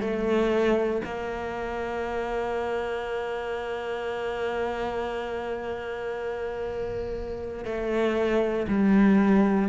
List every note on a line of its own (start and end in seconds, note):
0.00 1.02 A3
1.04 7.64 A#3
7.64 8.66 A3
8.68 9.68 G3